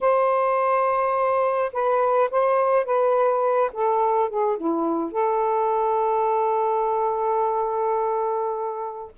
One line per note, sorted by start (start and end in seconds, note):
0.00 1.72 C5
1.72 2.30 B4
2.30 2.85 C5
2.85 3.71 B4
3.72 4.29 A4
4.29 4.57 G#4
4.57 5.11 E4
5.11 9.11 A4